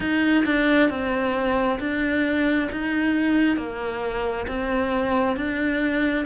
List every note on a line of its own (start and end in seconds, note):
0.00 0.44 D#4
0.45 0.89 D4
0.89 1.79 C4
1.79 2.69 D4
2.71 3.56 D#4
3.56 4.46 A#3
4.47 5.36 C4
5.36 6.25 D4